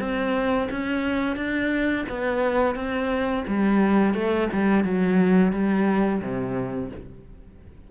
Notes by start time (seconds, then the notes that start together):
0.00 C4
0.71 C#4
1.36 D4
2.09 B3
2.76 C4
3.48 G3
4.14 A3
4.53 G3
4.85 F#3
5.53 G3
6.22 C3